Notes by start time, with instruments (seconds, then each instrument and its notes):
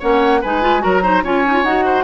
0.00 bassoon A#3, clarinet C#4, oboe C#5, flute F#5
0.41 bassoon G#3, clarinet D#4, oboe B4, flute G#5
0.62 clarinet F4
0.80 bassoon F#3, clarinet F#4, oboe A#4, flute A#5
1.03 clarinet D#4, oboe C5
1.24 bassoon C#4, clarinet F4, oboe C#5, flute G#5
1.46 clarinet D#4
1.54 clarinet F4
1.63 bassoon D#4, clarinet F#4, flute F#5
1.85 oboe C5